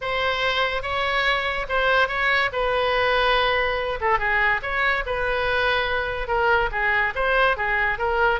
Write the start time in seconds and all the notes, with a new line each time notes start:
0.01 C5
0.82 C#5
1.68 C5
2.08 C#5
2.52 B4
4.00 A4
4.18 G#4
4.62 C#5
5.06 B4
6.27 A#4
6.71 G#4
7.15 C5
7.56 G#4
7.98 A#4